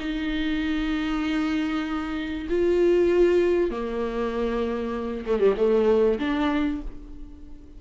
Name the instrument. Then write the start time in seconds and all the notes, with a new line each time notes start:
viola
0.00 D#4
2.49 F4
3.71 A#3
5.26 A3
5.39 G3
5.57 A3
6.19 D4